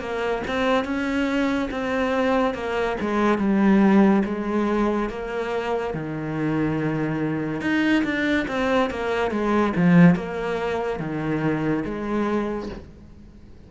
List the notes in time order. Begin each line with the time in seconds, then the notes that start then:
0.00 A#3
0.47 C4
0.85 C#4
1.71 C4
2.54 A#3
3.00 G#3
3.38 G3
4.25 G#3
5.09 A#3
5.94 D#3
7.61 D#4
8.04 D4
8.48 C4
8.90 A#3
9.31 G#3
9.76 F3
10.15 A#3
10.99 D#3
11.85 G#3